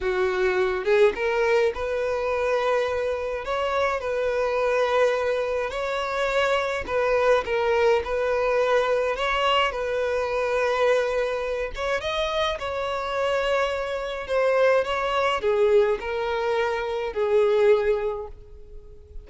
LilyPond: \new Staff \with { instrumentName = "violin" } { \time 4/4 \tempo 4 = 105 fis'4. gis'8 ais'4 b'4~ | b'2 cis''4 b'4~ | b'2 cis''2 | b'4 ais'4 b'2 |
cis''4 b'2.~ | b'8 cis''8 dis''4 cis''2~ | cis''4 c''4 cis''4 gis'4 | ais'2 gis'2 | }